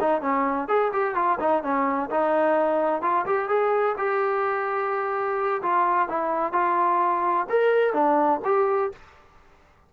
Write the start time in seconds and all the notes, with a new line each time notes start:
0.00 D#4
0.21 C#4
0.68 G#4
0.92 G4
1.15 F4
1.40 D#4
1.63 C#4
2.11 D#4
3.02 F4
3.26 G4
3.49 G#4
3.98 G4
5.62 F4
6.09 E4
6.53 F4
7.49 A#4
7.93 D4
8.45 G4